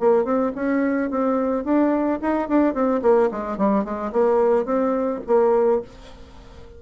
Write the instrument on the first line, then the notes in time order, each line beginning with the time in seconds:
bassoon
0.00 A#3
0.25 C4
0.56 C#4
1.11 C4
1.65 D4
2.22 D#4
2.49 D4
2.74 C4
3.03 A#3
3.32 G#3
3.58 G3
3.85 G#3
4.13 A#3
4.66 C4
5.27 A#3